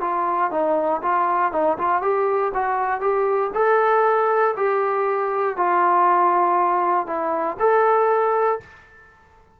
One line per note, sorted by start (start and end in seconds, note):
0.00 0.50 F4
0.51 1.01 D#4
1.02 1.52 F4
1.52 1.77 D#4
1.78 2.02 F4
2.02 2.52 G4
2.54 3.00 F#4
3.00 3.51 G4
3.54 4.55 A4
4.57 5.56 G4
5.56 7.06 F4
7.06 7.57 E4
7.59 8.60 A4